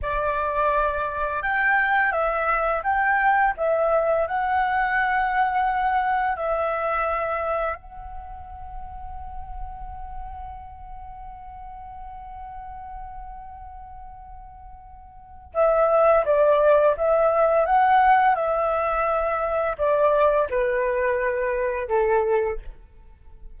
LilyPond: \new Staff \with { instrumentName = "flute" } { \time 4/4 \tempo 4 = 85 d''2 g''4 e''4 | g''4 e''4 fis''2~ | fis''4 e''2 fis''4~ | fis''1~ |
fis''1~ | fis''2 e''4 d''4 | e''4 fis''4 e''2 | d''4 b'2 a'4 | }